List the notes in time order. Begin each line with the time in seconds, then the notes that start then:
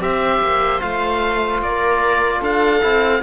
0.00 C4 G4 C5 E5
0.41 A#3
0.80 A3 F4 F5
1.61 A#3 A#4 D5
2.41 D4 A4 F5
2.81 C4 E4